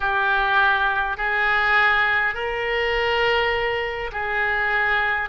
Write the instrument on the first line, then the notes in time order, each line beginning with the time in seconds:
oboe
0.00 G4
1.17 G#4
2.34 A#4
4.12 G#4